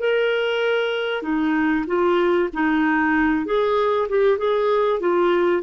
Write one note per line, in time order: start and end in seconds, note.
0.00 1.23 A#4
1.23 1.86 D#4
1.87 2.50 F4
2.53 3.46 D#4
3.46 4.09 G#4
4.09 4.38 G4
4.38 5.01 G#4
5.01 5.63 F4